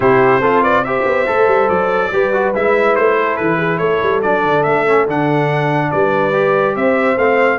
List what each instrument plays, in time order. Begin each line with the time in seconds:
0.00 tuba C3, trombone E4, horn G4, trumpet C5
0.40 tuba C4, trombone F4, horn A4
0.61 horn B4, trumpet D5
0.84 trombone G4, horn C5, trumpet E5
1.05 tuba B3
1.26 tuba A3, trombone A4
1.47 tuba G3
1.68 tuba F#3, trumpet D5
2.11 tuba G3, trombone G4, horn B4
2.33 trombone F#4
2.54 tuba G#3, trombone E4, trumpet E5
2.95 tuba A3, trumpet C5
3.19 horn A4
3.36 tuba E3, trumpet B4
3.57 horn G#4
3.77 tuba A3, horn A4, trumpet C#5
4.02 tuba G3
4.22 tuba F#3, trombone D4, trumpet D5
4.44 tuba D3
4.63 tuba A3, trumpet E5
4.86 trombone C#4
5.07 tuba D3, trombone D4, trumpet F#5
5.91 tuba G3, horn B4, trumpet D5
6.32 trombone G4
6.75 tuba C4, horn C5, trumpet E5
7.17 tuba A3, trombone C4, trumpet F5